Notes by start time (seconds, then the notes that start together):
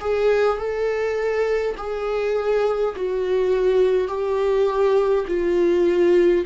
0.00 G#4
0.57 A4
1.77 G#4
2.96 F#4
4.07 G4
5.27 F4